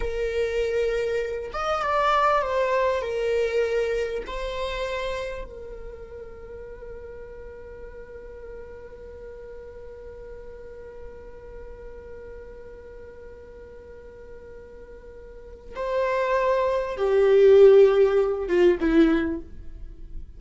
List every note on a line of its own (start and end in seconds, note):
0.00 1.51 A#4
1.53 1.82 D#5
1.82 2.42 D5
2.42 3.02 C5
3.02 4.23 A#4
4.26 5.44 C5
5.44 15.74 A#4
15.75 16.97 C5
16.97 18.48 G4
18.48 18.78 F4
18.80 19.40 E4